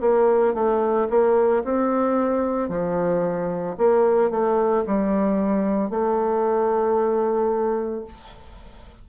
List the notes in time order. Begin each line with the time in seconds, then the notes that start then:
0.00 A#3
0.54 A3
1.09 A#3
1.64 C4
2.68 F3
3.77 A#3
4.30 A3
4.86 G3
5.90 A3